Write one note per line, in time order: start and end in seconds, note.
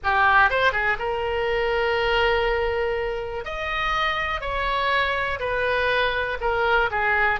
0.03 0.50 G4
0.50 0.72 C5
0.72 0.97 G#4
0.99 3.44 A#4
3.44 4.41 D#5
4.41 5.39 C#5
5.39 6.38 B4
6.41 6.90 A#4
6.90 7.39 G#4